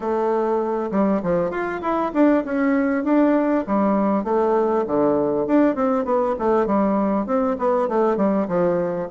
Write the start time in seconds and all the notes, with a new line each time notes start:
0.00 A3
0.91 G3
1.22 F3
1.50 F4
1.81 E4
2.13 D4
2.44 C#4
3.04 D4
3.66 G3
4.24 A3
4.86 D3
5.47 D4
5.75 C4
6.04 B3
6.39 A3
6.66 G3
7.26 C4
7.58 B3
7.88 A3
8.17 G3
8.48 F3